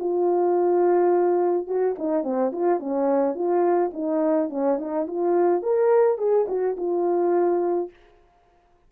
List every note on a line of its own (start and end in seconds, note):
0.00 1.67 F4
1.67 1.96 F#4
1.99 2.24 D#4
2.24 2.52 C4
2.53 2.80 F4
2.80 3.35 C#4
3.35 3.92 F4
3.94 4.50 D#4
4.50 4.79 C#4
4.79 5.07 D#4
5.07 5.63 F4
5.63 6.19 A#4
6.19 6.47 G#4
6.48 6.77 F#4
6.77 7.90 F4